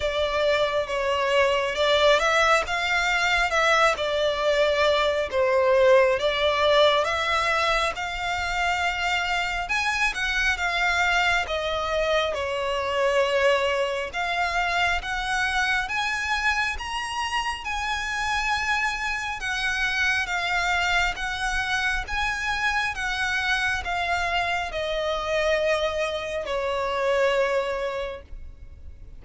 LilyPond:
\new Staff \with { instrumentName = "violin" } { \time 4/4 \tempo 4 = 68 d''4 cis''4 d''8 e''8 f''4 | e''8 d''4. c''4 d''4 | e''4 f''2 gis''8 fis''8 | f''4 dis''4 cis''2 |
f''4 fis''4 gis''4 ais''4 | gis''2 fis''4 f''4 | fis''4 gis''4 fis''4 f''4 | dis''2 cis''2 | }